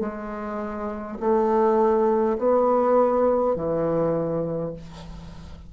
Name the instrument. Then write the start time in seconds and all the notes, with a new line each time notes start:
bassoon
0.00 G#3
1.20 A3
2.38 B3
3.56 E3